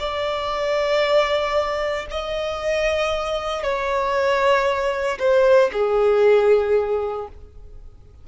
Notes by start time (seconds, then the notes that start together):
0.00 D5
2.11 D#5
3.63 C#5
5.19 C5
5.73 G#4